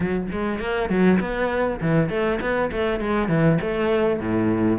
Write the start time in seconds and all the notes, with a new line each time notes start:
0.00 F#3
0.31 G#3
0.59 A#3
0.89 F#3
1.20 B3
1.81 E3
2.09 A3
2.40 B3
2.71 A3
3.00 G#3
3.28 E3
3.61 A3
4.19 A2